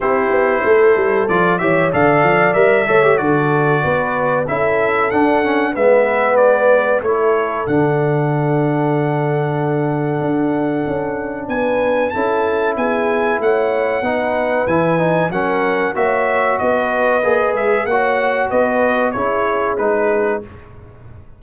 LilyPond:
<<
  \new Staff \with { instrumentName = "trumpet" } { \time 4/4 \tempo 4 = 94 c''2 d''8 e''8 f''4 | e''4 d''2 e''4 | fis''4 e''4 d''4 cis''4 | fis''1~ |
fis''2 gis''4 a''4 | gis''4 fis''2 gis''4 | fis''4 e''4 dis''4. e''8 | fis''4 dis''4 cis''4 b'4 | }
  \new Staff \with { instrumentName = "horn" } { \time 4/4 g'4 a'4. cis''8 d''4~ | d''8 cis''8 a'4 b'4 a'4~ | a'4 b'2 a'4~ | a'1~ |
a'2 b'4 a'4 | gis'4 cis''4 b'2 | ais'4 cis''4 b'2 | cis''4 b'4 gis'2 | }
  \new Staff \with { instrumentName = "trombone" } { \time 4/4 e'2 f'8 g'8 a'4 | ais'8 a'16 g'16 fis'2 e'4 | d'8 cis'8 b2 e'4 | d'1~ |
d'2. e'4~ | e'2 dis'4 e'8 dis'8 | cis'4 fis'2 gis'4 | fis'2 e'4 dis'4 | }
  \new Staff \with { instrumentName = "tuba" } { \time 4/4 c'8 b8 a8 g8 f8 e8 d8 f8 | g8 a8 d4 b4 cis'4 | d'4 gis2 a4 | d1 |
d'4 cis'4 b4 cis'4 | b4 a4 b4 e4 | fis4 ais4 b4 ais8 gis8 | ais4 b4 cis'4 gis4 | }
>>